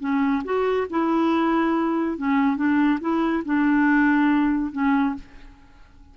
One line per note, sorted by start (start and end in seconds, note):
0.00 0.43 C#4
0.45 0.87 F#4
0.90 2.18 E4
2.18 2.57 C#4
2.57 2.99 D4
3.01 3.44 E4
3.46 4.72 D4
4.72 5.15 C#4